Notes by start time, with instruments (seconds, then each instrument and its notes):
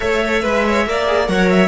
0.00 cello A3, viola A4, violin C#5 E5
0.42 cello G#3, violin B4, viola B4
0.66 violin C#5
0.86 cello A#3, viola A#4, violin D5
1.06 viola G#4
1.27 cello F#3, viola A#4, violin C#5 F#5
1.50 violin E5